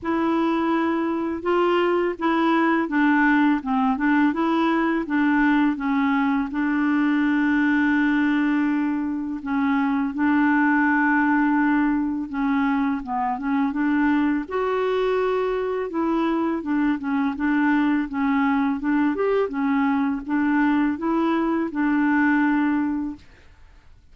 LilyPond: \new Staff \with { instrumentName = "clarinet" } { \time 4/4 \tempo 4 = 83 e'2 f'4 e'4 | d'4 c'8 d'8 e'4 d'4 | cis'4 d'2.~ | d'4 cis'4 d'2~ |
d'4 cis'4 b8 cis'8 d'4 | fis'2 e'4 d'8 cis'8 | d'4 cis'4 d'8 g'8 cis'4 | d'4 e'4 d'2 | }